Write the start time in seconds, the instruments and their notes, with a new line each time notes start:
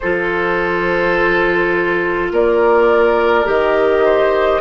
0.00 bassoon F3, clarinet F4, oboe A4, flute C5
2.31 bassoon A#3, oboe A#4, flute D5
3.44 bassoon D#3, clarinet G4, flute D#5
4.04 oboe C5